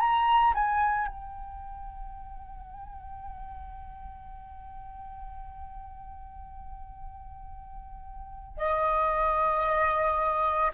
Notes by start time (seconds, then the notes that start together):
0.00 A#5
0.55 G#5
1.08 G5
8.58 D#5